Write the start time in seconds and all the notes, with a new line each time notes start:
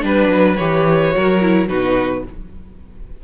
0.00 G3 D4 B4
0.28 F#3
0.56 E3 G4 C#5
1.11 F#3 F#4 A#4
1.41 E4
1.68 B2 D#4 F#4 B4